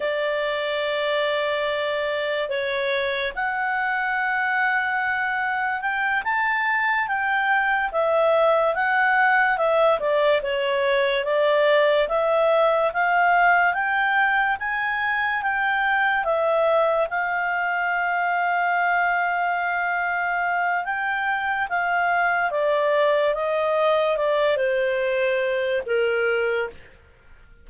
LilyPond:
\new Staff \with { instrumentName = "clarinet" } { \time 4/4 \tempo 4 = 72 d''2. cis''4 | fis''2. g''8 a''8~ | a''8 g''4 e''4 fis''4 e''8 | d''8 cis''4 d''4 e''4 f''8~ |
f''8 g''4 gis''4 g''4 e''8~ | e''8 f''2.~ f''8~ | f''4 g''4 f''4 d''4 | dis''4 d''8 c''4. ais'4 | }